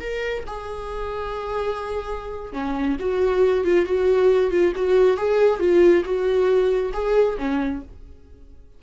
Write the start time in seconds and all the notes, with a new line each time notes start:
0.00 A#4
0.47 G#4
2.53 C#4
2.99 F#4
3.64 F4
3.86 F#4
4.51 F4
4.75 F#4
5.17 G#4
5.60 F4
6.05 F#4
6.93 G#4
7.38 C#4